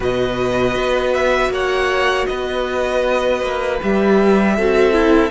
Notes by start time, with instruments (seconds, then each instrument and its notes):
0.00 cello B2, viola F#4, violin B4 D#5
0.75 cello B3
1.13 violin E5
1.48 cello A#3, violin C#5 F#5
2.26 cello B3, violin B4 D#5
3.42 cello A#3
3.81 cello G3, viola G4, violin E5
4.55 cello C4, viola F#4, violin A4
4.92 viola E4